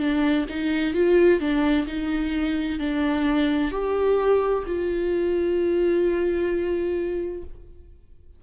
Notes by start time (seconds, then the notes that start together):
0.00 D4
0.50 D#4
0.94 F4
1.40 D4
1.87 D#4
2.79 D4
3.72 G4
4.67 F4